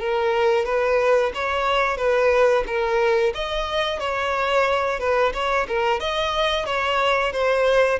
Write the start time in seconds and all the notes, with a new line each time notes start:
0.00 A#4
0.65 B4
1.35 C#5
1.97 B4
2.67 A#4
3.35 D#5
4.00 C#5
5.00 B4
5.34 C#5
5.68 A#4
6.00 D#5
6.66 C#5
7.32 C5